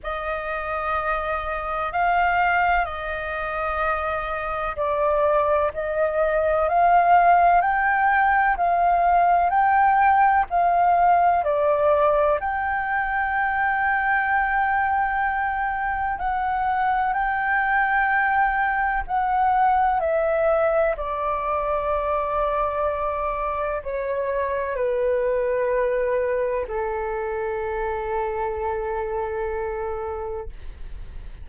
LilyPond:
\new Staff \with { instrumentName = "flute" } { \time 4/4 \tempo 4 = 63 dis''2 f''4 dis''4~ | dis''4 d''4 dis''4 f''4 | g''4 f''4 g''4 f''4 | d''4 g''2.~ |
g''4 fis''4 g''2 | fis''4 e''4 d''2~ | d''4 cis''4 b'2 | a'1 | }